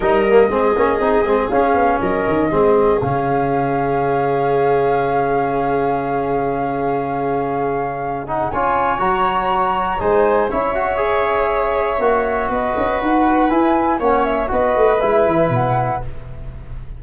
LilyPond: <<
  \new Staff \with { instrumentName = "flute" } { \time 4/4 \tempo 4 = 120 dis''2. f''4 | dis''2 f''2~ | f''1~ | f''1~ |
f''8 fis''8 gis''4 ais''2 | gis''4 e''2.~ | e''4 dis''4 fis''4 gis''4 | fis''8 e''8 dis''4 e''4 fis''4 | }
  \new Staff \with { instrumentName = "viola" } { \time 4/4 ais'4 gis'2. | ais'4 gis'2.~ | gis'1~ | gis'1~ |
gis'4 cis''2. | c''4 cis''2.~ | cis''4 b'2. | cis''4 b'2. | }
  \new Staff \with { instrumentName = "trombone" } { \time 4/4 dis'8 ais8 c'8 cis'8 dis'8 c'8 cis'4~ | cis'4 c'4 cis'2~ | cis'1~ | cis'1~ |
cis'8 dis'8 f'4 fis'2 | dis'4 e'8 fis'8 gis'2 | fis'2. e'4 | cis'4 fis'4 e'2 | }
  \new Staff \with { instrumentName = "tuba" } { \time 4/4 g4 gis8 ais8 c'8 gis8 cis'8 b8 | fis8 dis8 gis4 cis2~ | cis1~ | cis1~ |
cis4 cis'4 fis2 | gis4 cis'2. | ais4 b8 cis'8 dis'4 e'4 | ais4 b8 a8 gis8 e8 b,4 | }
>>